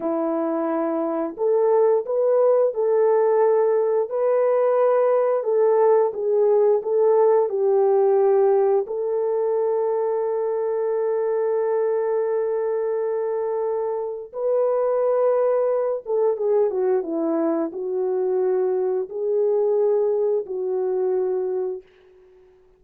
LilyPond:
\new Staff \with { instrumentName = "horn" } { \time 4/4 \tempo 4 = 88 e'2 a'4 b'4 | a'2 b'2 | a'4 gis'4 a'4 g'4~ | g'4 a'2.~ |
a'1~ | a'4 b'2~ b'8 a'8 | gis'8 fis'8 e'4 fis'2 | gis'2 fis'2 | }